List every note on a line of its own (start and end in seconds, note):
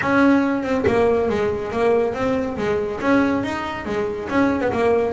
0.01 0.63 C#4
0.63 0.84 C4
0.86 1.29 A#3
1.29 1.71 G#3
1.71 2.14 A#3
2.14 2.57 C4
2.57 3.00 G#3
3.00 3.43 C#4
3.43 3.85 D#4
3.85 4.28 G#3
4.29 4.61 C#4
4.61 4.71 B3
4.72 5.13 A#3